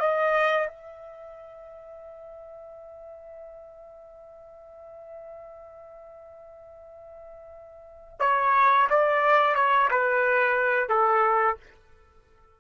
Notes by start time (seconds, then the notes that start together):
0.00 D#5
0.68 E5
8.20 C#5
8.90 D5
9.55 C#5
9.91 B4
10.89 A4